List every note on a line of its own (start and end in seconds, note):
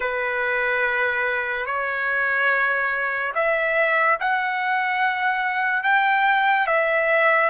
0.00 1.66 B4
1.66 3.33 C#5
3.34 4.18 E5
4.20 5.83 F#5
5.83 6.66 G5
6.66 7.49 E5